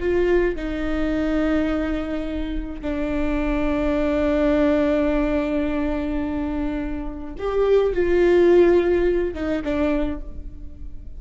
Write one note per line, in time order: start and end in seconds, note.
0.00 0.56 F4
0.56 2.82 D#4
2.82 7.35 D4
7.38 7.93 G4
7.93 9.34 F4
9.34 9.63 D#4
9.64 10.21 D4